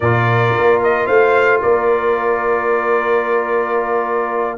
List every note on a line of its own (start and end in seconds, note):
0.00 0.55 A#2
0.00 4.57 F4
0.00 1.06 A#4
0.00 0.81 D5
0.57 1.08 A#3
0.83 1.06 D#5
1.06 1.62 A3
1.06 1.60 C5
1.06 1.60 F5
1.62 4.57 A#3
1.62 4.57 A#4
1.62 4.57 D5